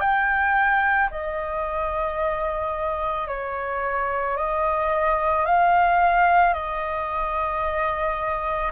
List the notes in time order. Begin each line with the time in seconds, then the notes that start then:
0.00 G5
1.10 D#5
3.27 C#5
4.36 D#5
5.45 F5
6.53 D#5